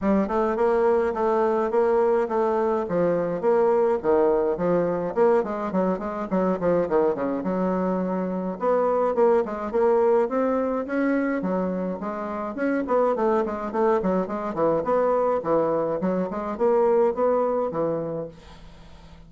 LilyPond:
\new Staff \with { instrumentName = "bassoon" } { \time 4/4 \tempo 4 = 105 g8 a8 ais4 a4 ais4 | a4 f4 ais4 dis4 | f4 ais8 gis8 fis8 gis8 fis8 f8 | dis8 cis8 fis2 b4 |
ais8 gis8 ais4 c'4 cis'4 | fis4 gis4 cis'8 b8 a8 gis8 | a8 fis8 gis8 e8 b4 e4 | fis8 gis8 ais4 b4 e4 | }